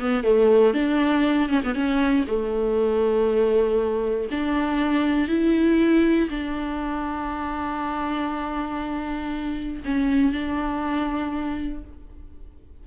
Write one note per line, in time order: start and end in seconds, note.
0.00 0.24 B3
0.24 0.74 A3
0.74 1.49 D4
1.49 1.62 C#4
1.64 1.74 B3
1.74 2.25 C#4
2.27 4.29 A3
4.31 5.28 D4
5.28 6.29 E4
6.30 9.83 D4
9.85 10.32 C#4
10.32 11.83 D4